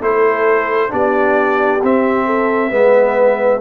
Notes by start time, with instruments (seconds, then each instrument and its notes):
0.00 tuba A3, trombone E4, horn A4, trumpet C5
0.90 tuba B3, trombone D4, horn G4, trumpet D5
1.83 tuba C4, trombone C4, trumpet E5
2.26 horn A4
2.69 tuba G#3, trombone B3, horn B4